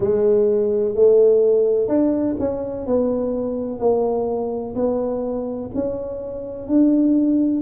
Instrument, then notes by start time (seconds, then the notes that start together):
tuba
0.00 G#3
0.94 A3
1.88 D4
2.39 C#4
2.86 B3
3.79 A#3
4.74 B3
5.74 C#4
6.68 D4